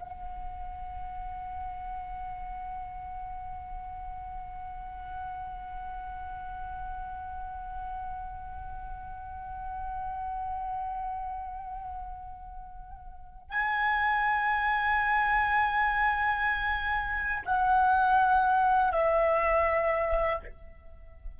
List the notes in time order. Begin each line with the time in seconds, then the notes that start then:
0.00 F#5
13.50 G#5
17.45 F#5
18.93 E5